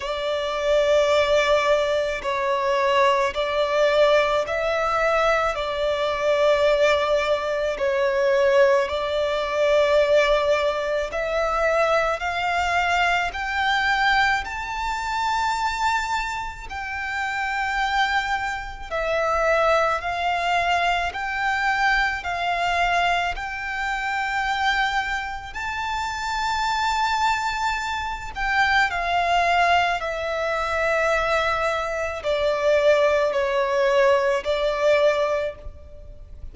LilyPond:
\new Staff \with { instrumentName = "violin" } { \time 4/4 \tempo 4 = 54 d''2 cis''4 d''4 | e''4 d''2 cis''4 | d''2 e''4 f''4 | g''4 a''2 g''4~ |
g''4 e''4 f''4 g''4 | f''4 g''2 a''4~ | a''4. g''8 f''4 e''4~ | e''4 d''4 cis''4 d''4 | }